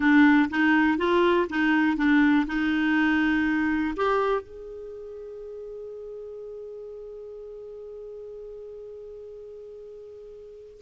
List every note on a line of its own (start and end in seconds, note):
0.00 0.49 D4
0.50 0.97 D#4
0.97 1.47 F4
1.49 1.96 D#4
1.96 2.46 D4
2.47 3.94 D#4
3.96 4.41 G4
4.41 10.80 G#4